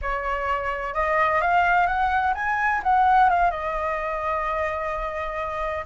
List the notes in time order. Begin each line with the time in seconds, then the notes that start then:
0.01 C#5
0.94 D#5
1.41 F5
1.86 F#5
2.34 G#5
2.83 F#5
3.29 F5
3.50 D#5